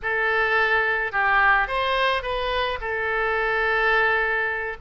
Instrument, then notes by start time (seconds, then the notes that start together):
oboe
0.02 A4
1.12 G4
1.67 C5
2.22 B4
2.80 A4